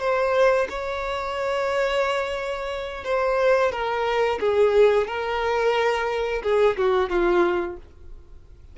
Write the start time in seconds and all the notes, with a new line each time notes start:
0.00 C5
0.69 C#5
3.04 C5
3.72 A#4
4.40 G#4
5.07 A#4
6.43 G#4
6.77 F#4
7.09 F4